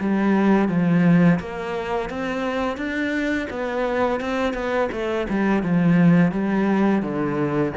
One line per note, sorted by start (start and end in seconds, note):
0.00 0.68 G3
0.68 1.39 F3
1.40 2.10 A#3
2.10 2.77 C4
2.77 3.47 D4
3.50 4.20 B3
4.20 4.53 C4
4.53 4.89 B3
4.92 5.27 A3
5.29 5.63 G3
5.63 6.31 F3
6.31 7.02 G3
7.02 7.73 D3